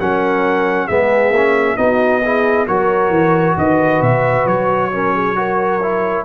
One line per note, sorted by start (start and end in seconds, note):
0.00 0.90 F#3
0.00 0.90 C#4
0.00 0.87 A#4
0.00 0.88 F#5
0.87 1.31 G#3
0.87 1.35 B3
0.87 1.76 G#4
0.87 1.77 E5
1.31 1.75 A#3
1.31 1.77 C#4
1.77 2.68 B3
1.77 2.22 D#4
1.77 2.23 F#4
1.77 2.66 D#5
2.23 2.68 E4
2.23 2.68 G#4
2.68 3.10 F#3
2.68 4.92 F#4
2.68 3.57 A#4
2.68 3.57 C#5
3.10 3.55 E3
3.57 4.02 D#3
3.57 4.93 B4
3.57 4.02 D#5
4.02 4.46 B2
4.02 4.47 E5
4.46 6.25 F#3
4.46 6.25 C#5
4.92 5.36 C#4
4.92 5.14 A#4
5.14 5.37 G#4
5.36 5.81 F#4
5.36 6.25 A#4
5.82 6.25 E4